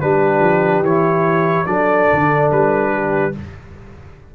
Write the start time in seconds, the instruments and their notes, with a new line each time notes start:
0.00 tuba G3, trombone D4, horn G4, trumpet B4
0.39 tuba F3
0.81 tuba E3, trombone E4, trumpet C#5
1.65 tuba F#3, trombone D4, horn A4, trumpet D5
2.12 tuba D3
2.51 tuba G3, trumpet B4
2.92 horn G4